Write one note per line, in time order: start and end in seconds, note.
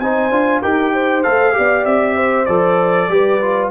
0.00 0.30 C4
0.00 0.32 D#4
0.00 0.62 C5
0.00 0.62 G#5
0.30 0.61 D4
0.30 0.63 F4
0.62 1.26 D#4
0.62 1.24 G4
0.62 0.93 A#4
0.62 1.23 G5
0.94 1.56 C5
1.23 1.58 A3
1.23 1.53 A4
1.23 1.85 F5
1.53 1.85 B3
1.53 2.46 G4
1.53 2.16 D5
1.85 2.47 C4
1.85 2.45 E5
2.16 3.09 C5
2.45 3.09 F3
2.45 3.10 A4
2.45 3.69 D5
3.09 3.70 G3
3.09 3.41 G4
3.09 3.72 B4
3.42 3.72 F4